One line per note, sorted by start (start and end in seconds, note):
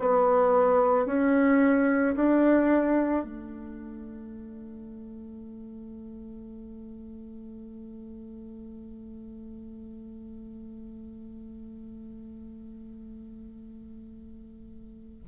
0.00 1.06 B3
1.06 2.15 C#4
2.16 3.24 D4
3.24 15.24 A3